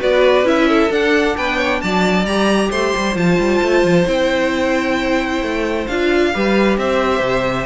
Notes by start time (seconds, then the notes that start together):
0.00 B3 F#4 B4 D5
0.43 C#4 E4 E5
0.68 A4
0.90 D4 F#5
1.37 B3 B4 G5
1.57 C#5
1.81 F#3 D5 A5
2.25 G3 G4 A#5
2.70 A3 C5 C6
2.97 G3
3.15 F3 F4 A5
3.39 G3
3.62 A3
3.84 F3
4.06 C4 E4 G5
5.42 A3
5.87 D4 F4 F5
6.34 G3 G4 B4
6.78 C4 C5 E5
7.20 C3